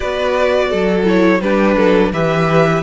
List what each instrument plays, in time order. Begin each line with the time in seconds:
0.00 cello B3, viola F#4, violin B4 D5
0.69 cello F#3, violin A4
1.04 viola E4, violin C#5
1.40 cello G3, viola D4, violin G4 B4
1.76 cello F#3, violin A4
2.12 cello E3, viola G4, violin B4 E5